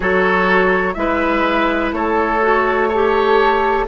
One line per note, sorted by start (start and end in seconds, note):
0.00 0.96 F#3
0.00 0.95 F#4
0.00 0.93 A4
0.00 0.94 C#5
0.94 1.92 G#3
0.94 2.40 E4
0.94 1.95 B4
0.94 1.90 E5
1.92 3.85 A3
1.92 2.88 A4
1.92 2.89 C#5
2.41 2.89 F#4
2.88 3.88 G4
2.88 3.86 A4
2.88 3.85 C#5